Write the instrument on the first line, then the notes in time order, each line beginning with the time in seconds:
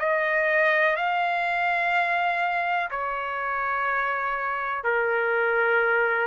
trumpet
0.00 D#5
0.97 F5
2.91 C#5
4.84 A#4